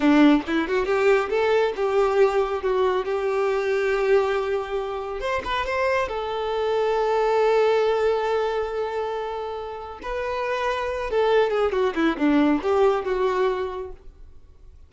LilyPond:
\new Staff \with { instrumentName = "violin" } { \time 4/4 \tempo 4 = 138 d'4 e'8 fis'8 g'4 a'4 | g'2 fis'4 g'4~ | g'1 | c''8 b'8 c''4 a'2~ |
a'1~ | a'2. b'4~ | b'4. a'4 gis'8 fis'8 e'8 | d'4 g'4 fis'2 | }